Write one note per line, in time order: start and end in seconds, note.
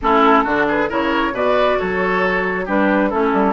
0.01 0.45 A3
0.01 0.46 C#4
0.01 0.43 E4
0.01 0.68 A4
0.43 0.89 D3
0.43 0.89 D4
0.43 0.66 F#4
0.67 0.89 G#4
0.67 0.91 B4
0.89 1.32 C#3
0.89 1.33 E4
0.89 1.33 A#4
0.89 1.35 C#5
1.32 1.77 B2
1.32 2.67 F#4
1.32 1.78 B4
1.32 1.78 D5
1.78 2.68 F#3
1.78 2.65 A4
1.78 2.67 C#5
2.65 3.12 G3
2.65 3.11 D4
2.65 3.09 G4
2.65 3.10 B4
3.09 3.33 A3
3.09 3.53 C#4
3.09 3.53 E4
3.09 3.53 A4
3.33 3.53 G3